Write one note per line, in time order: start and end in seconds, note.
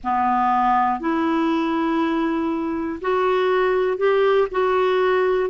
0.03 1.00 B3
1.00 3.00 E4
3.00 3.97 F#4
3.97 4.47 G4
4.51 5.50 F#4